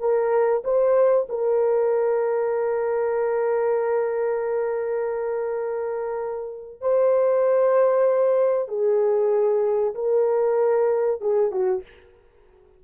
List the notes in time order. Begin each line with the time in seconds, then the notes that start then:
0.00 A#4
0.65 C5
1.29 A#4
6.82 C5
8.68 G#4
9.95 A#4
11.22 G#4
11.51 F#4